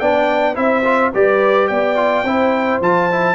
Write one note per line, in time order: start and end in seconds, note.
0.00 0.57 B3
0.00 0.55 D4
0.00 0.56 D5
0.00 0.56 G5
0.55 1.13 C4
0.55 0.83 E4
0.55 1.13 C5
0.55 1.12 E5
0.85 1.13 F4
1.14 1.71 G3
1.14 1.96 G4
1.14 1.70 B4
1.14 1.68 D5
1.68 2.24 B3
1.68 2.25 D5
1.68 2.80 G5
1.96 2.24 F4
2.24 2.80 C4
2.24 2.83 E4
2.24 3.36 C5
2.81 3.36 F3
2.81 3.11 F4
2.81 3.36 A5
3.11 3.36 E4